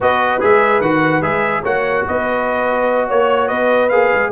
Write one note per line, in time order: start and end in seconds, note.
0.00 0.42 B3
0.00 0.40 F#4
0.00 1.62 B4
0.00 0.42 D#5
0.40 0.81 G#3
0.40 0.81 G#4
0.40 0.81 E5
0.81 1.21 D#3
0.81 1.22 F#4
0.81 1.22 F#5
1.21 1.62 G#3
1.21 1.63 G#4
1.21 1.63 E5
1.62 2.05 A#3
1.62 3.90 F#4
1.62 2.03 C#5
1.62 2.06 F#5
2.07 3.10 B3
2.07 3.07 B4
2.07 3.09 D#5
3.07 3.50 A#3
3.07 3.47 C#5
3.07 3.48 C#5
3.47 3.91 B3
3.47 4.30 B4
3.47 3.89 D#5
3.89 4.12 A#3
3.89 4.32 G#4
3.89 4.30 F5
4.13 4.32 G#3